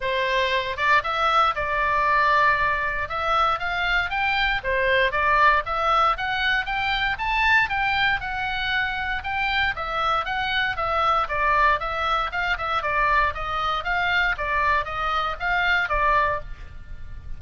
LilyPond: \new Staff \with { instrumentName = "oboe" } { \time 4/4 \tempo 4 = 117 c''4. d''8 e''4 d''4~ | d''2 e''4 f''4 | g''4 c''4 d''4 e''4 | fis''4 g''4 a''4 g''4 |
fis''2 g''4 e''4 | fis''4 e''4 d''4 e''4 | f''8 e''8 d''4 dis''4 f''4 | d''4 dis''4 f''4 d''4 | }